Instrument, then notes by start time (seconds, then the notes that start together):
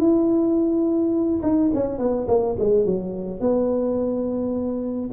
tuba
0.00 E4
1.43 D#4
1.75 C#4
1.99 B3
2.28 A#3
2.59 G#3
2.86 F#3
3.41 B3